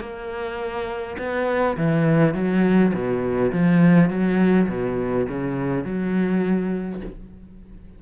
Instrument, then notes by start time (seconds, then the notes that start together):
cello
0.00 A#3
1.18 B3
1.77 E3
2.34 F#3
2.94 B2
3.52 F3
4.10 F#3
4.68 B2
5.29 C#3
5.84 F#3